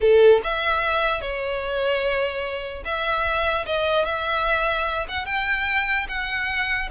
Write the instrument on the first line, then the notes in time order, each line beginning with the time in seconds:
violin
0.00 A4
0.43 E5
1.21 C#5
2.84 E5
3.65 D#5
4.04 E5
5.08 F#5
5.25 G5
6.08 F#5